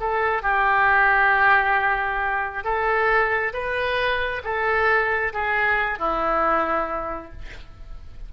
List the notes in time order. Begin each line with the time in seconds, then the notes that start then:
0.00 A4
0.42 G4
2.64 A4
3.53 B4
4.44 A4
5.33 G#4
5.99 E4